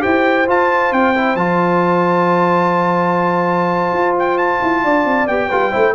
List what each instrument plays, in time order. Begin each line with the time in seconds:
0.00 tuba E4, trombone G4, horn C5, trumpet G5
0.48 trombone F4, tuba F4, trumpet A5
0.92 tuba C4, trumpet G5
1.15 trombone E4
1.35 tuba F3, trombone F4, trumpet A5
3.93 tuba F4
4.19 trumpet G5
4.38 trumpet A5
4.62 tuba E4
4.84 tuba D4, horn D5
5.05 tuba C4
5.28 tuba B3, trombone G4, trumpet G5
5.48 tuba G3, trombone F4, horn B4
5.71 tuba A3, trombone E4, horn C5